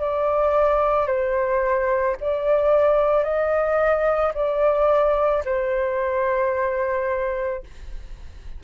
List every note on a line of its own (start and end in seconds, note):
0.00 1.08 D5
1.08 2.17 C5
2.21 3.24 D5
3.24 4.33 D#5
4.35 5.44 D5
5.45 7.64 C5